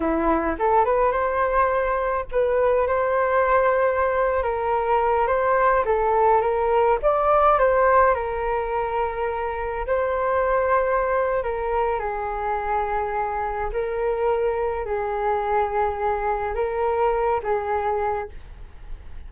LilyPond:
\new Staff \with { instrumentName = "flute" } { \time 4/4 \tempo 4 = 105 e'4 a'8 b'8 c''2 | b'4 c''2~ c''8. ais'16~ | ais'4~ ais'16 c''4 a'4 ais'8.~ | ais'16 d''4 c''4 ais'4.~ ais'16~ |
ais'4~ ais'16 c''2~ c''8. | ais'4 gis'2. | ais'2 gis'2~ | gis'4 ais'4. gis'4. | }